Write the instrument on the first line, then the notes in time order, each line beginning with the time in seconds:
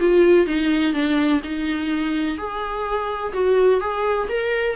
viola
0.00 F4
0.47 D#4
0.94 D4
1.44 D#4
2.38 G#4
3.34 F#4
3.81 G#4
4.29 A#4